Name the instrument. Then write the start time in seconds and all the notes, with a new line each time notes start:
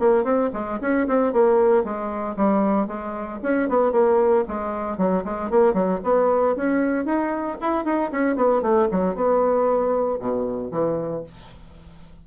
bassoon
0.00 A#3
0.24 C4
0.54 G#3
0.82 C#4
1.08 C4
1.33 A#3
1.84 G#3
2.37 G3
2.87 G#3
3.43 C#4
3.69 B3
3.92 A#3
4.48 G#3
4.98 F#3
5.25 G#3
5.51 A#3
5.74 F#3
6.04 B3
6.56 C#4
7.06 D#4
7.62 E4
7.85 D#4
8.12 C#4
8.36 B3
8.62 A3
8.92 F#3
9.16 B3
10.20 B2
10.72 E3